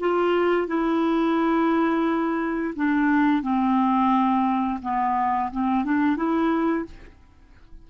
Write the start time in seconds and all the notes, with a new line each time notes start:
0.00 F4
0.67 E4
2.76 D4
3.42 C4
4.82 B3
5.52 C4
5.85 D4
6.17 E4